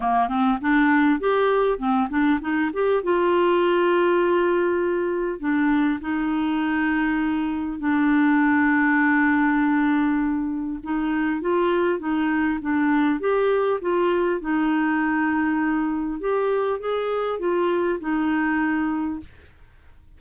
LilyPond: \new Staff \with { instrumentName = "clarinet" } { \time 4/4 \tempo 4 = 100 ais8 c'8 d'4 g'4 c'8 d'8 | dis'8 g'8 f'2.~ | f'4 d'4 dis'2~ | dis'4 d'2.~ |
d'2 dis'4 f'4 | dis'4 d'4 g'4 f'4 | dis'2. g'4 | gis'4 f'4 dis'2 | }